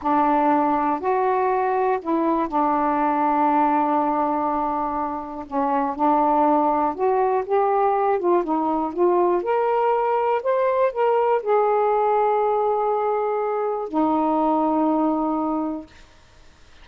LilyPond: \new Staff \with { instrumentName = "saxophone" } { \time 4/4 \tempo 4 = 121 d'2 fis'2 | e'4 d'2.~ | d'2. cis'4 | d'2 fis'4 g'4~ |
g'8 f'8 dis'4 f'4 ais'4~ | ais'4 c''4 ais'4 gis'4~ | gis'1 | dis'1 | }